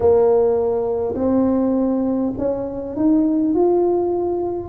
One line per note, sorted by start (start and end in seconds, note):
0.00 1.14 A#3
1.15 2.33 C4
2.38 2.96 C#4
2.96 3.54 D#4
3.54 4.68 F4